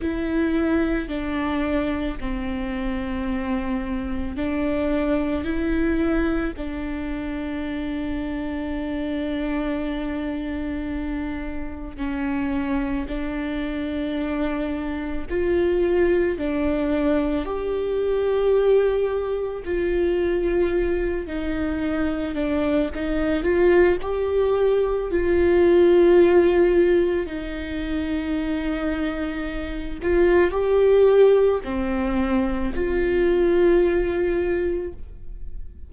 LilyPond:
\new Staff \with { instrumentName = "viola" } { \time 4/4 \tempo 4 = 55 e'4 d'4 c'2 | d'4 e'4 d'2~ | d'2. cis'4 | d'2 f'4 d'4 |
g'2 f'4. dis'8~ | dis'8 d'8 dis'8 f'8 g'4 f'4~ | f'4 dis'2~ dis'8 f'8 | g'4 c'4 f'2 | }